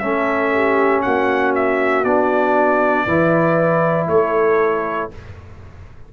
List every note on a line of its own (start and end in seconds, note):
0.00 1.05 A3
0.00 2.05 C#4
0.00 0.53 A4
0.00 1.02 E5
0.54 1.04 G4
1.02 2.04 A#3
1.02 3.06 F#4
1.02 1.53 F#5
1.56 2.05 E5
2.04 3.06 B3
2.04 3.08 D4
2.04 4.08 D5
3.06 4.08 E3
3.06 5.11 E4
3.06 4.08 B4
4.08 5.10 A3
4.08 5.13 A4
4.08 5.11 C#5